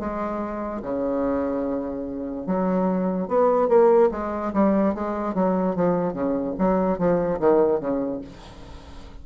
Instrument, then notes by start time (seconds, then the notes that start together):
bassoon
0.00 G#3
0.83 C#3
2.47 F#3
3.28 B3
3.69 A#3
4.11 G#3
4.54 G3
4.95 G#3
5.35 F#3
5.76 F3
6.13 C#3
6.59 F#3
6.98 F3
7.40 D#3
7.80 C#3